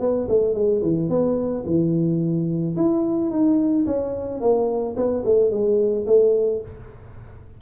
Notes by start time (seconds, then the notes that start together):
0.00 B3
0.28 A3
0.54 G#3
0.82 E3
1.09 B3
1.66 E3
2.76 E4
3.31 D#4
3.86 C#4
4.40 A#3
4.96 B3
5.25 A3
5.51 G#3
6.07 A3